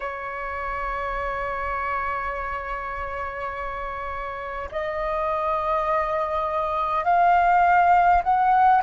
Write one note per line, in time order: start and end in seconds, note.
0.00 4.68 C#5
4.71 7.04 D#5
7.04 8.22 F5
8.23 8.82 F#5